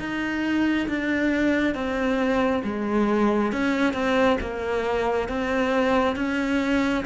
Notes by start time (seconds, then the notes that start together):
0.00 D#4
0.88 D4
1.75 C4
2.64 G#3
3.53 C#4
3.93 C4
4.41 A#3
5.29 C4
6.16 C#4